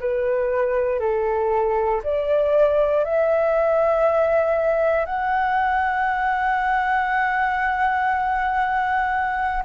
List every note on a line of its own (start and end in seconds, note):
0.00 1.00 B4
1.00 2.02 A4
2.04 3.05 D5
3.05 5.06 E5
5.06 9.63 F#5